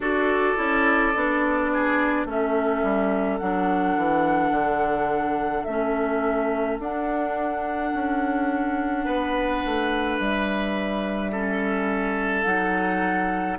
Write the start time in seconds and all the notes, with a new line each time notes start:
0.00 D4 F#4 A4 D5
0.56 C#4 E4
1.15 B3 D4
1.73 G#4
2.25 A3 C#4 A4 E5
2.83 G3
3.37 F#3 D4 F#5
3.96 E3
4.50 D3
5.64 A3 C#4 E5
6.78 D4 F#5
7.94 C#4
9.04 B3 B4
9.65 A3
10.17 G3 E5
11.31 C#4 A4
12.44 F#3 D#4 F#5